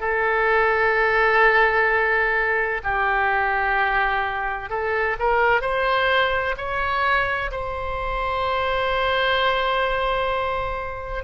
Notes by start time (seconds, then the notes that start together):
0.00 A4
2.83 G4
4.70 A4
5.19 A#4
5.61 C5
6.57 C#5
7.51 C5